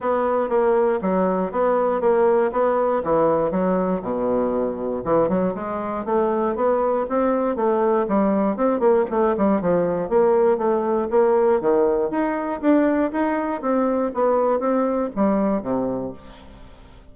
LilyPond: \new Staff \with { instrumentName = "bassoon" } { \time 4/4 \tempo 4 = 119 b4 ais4 fis4 b4 | ais4 b4 e4 fis4 | b,2 e8 fis8 gis4 | a4 b4 c'4 a4 |
g4 c'8 ais8 a8 g8 f4 | ais4 a4 ais4 dis4 | dis'4 d'4 dis'4 c'4 | b4 c'4 g4 c4 | }